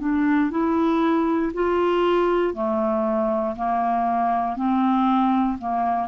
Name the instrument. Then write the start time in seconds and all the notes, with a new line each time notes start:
clarinet
0.00 D4
0.51 E4
1.54 F4
2.54 A3
3.56 A#3
4.56 C4
5.58 A#3